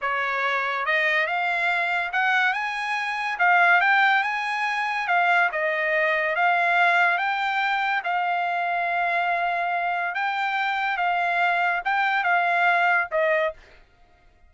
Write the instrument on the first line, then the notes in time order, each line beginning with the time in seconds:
trumpet
0.01 C#5
0.85 D#5
1.26 F5
2.12 F#5
2.53 G#5
3.38 F5
3.80 G5
4.23 G#5
5.07 F5
5.52 D#5
6.35 F5
7.18 G5
8.04 F5
10.14 G5
10.97 F5
11.84 G5
12.23 F5
13.11 D#5